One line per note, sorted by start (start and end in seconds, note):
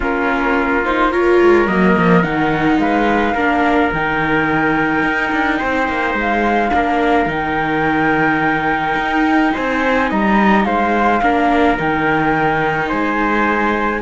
0.00 1.40 A#3
0.00 0.84 C#4
0.00 1.11 F4
0.00 0.84 A#4
0.84 1.11 D#4
0.84 1.12 C5
1.11 1.67 F4
1.11 2.80 A#4
1.11 1.67 C#5
1.41 1.68 G#3
1.67 1.96 F#3
1.67 2.23 A#3
1.67 2.22 D#5
1.96 2.24 F3
2.22 2.78 D#3
2.22 3.35 D#4
2.22 2.79 F#5
2.78 3.34 G#3
2.78 3.34 B4
2.78 3.91 F5
3.34 3.91 A#3
3.34 3.92 D4
3.34 5.58 A#4
3.92 5.02 D#3
3.92 6.71 D#4
3.92 6.18 G5
5.02 5.30 D#4
5.32 5.60 D4
5.58 5.88 C4
5.58 6.70 C5
5.88 6.14 A#3
6.14 6.70 G#3
6.14 7.31 F5
6.71 7.26 A#3
6.71 7.27 D4
6.71 9.52 A#4
7.26 8.94 D#3
7.26 11.20 D#4
7.26 9.54 G5
8.96 9.52 D#4
9.52 10.11 C4
9.52 10.08 C5
9.52 10.10 G#5
10.09 10.64 G3
10.09 10.65 D#5
10.09 10.64 A#5
10.64 11.20 G#3
10.64 11.22 C5
10.64 11.76 F5
11.22 11.78 A#3
11.22 11.77 D4
11.22 12.88 A#4
11.77 12.91 D#3
11.77 14.01 D#4
11.77 12.89 G5
12.88 14.02 G#3
12.88 14.00 C5
12.88 14.01 G#5